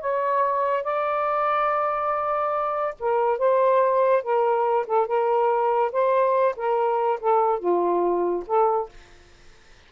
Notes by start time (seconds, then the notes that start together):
0.00 C#5
0.83 D5
2.99 A#4
3.38 C5
4.22 A#4
4.86 A4
5.07 A#4
5.92 C5
6.56 A#4
7.20 A4
7.59 F4
8.47 A4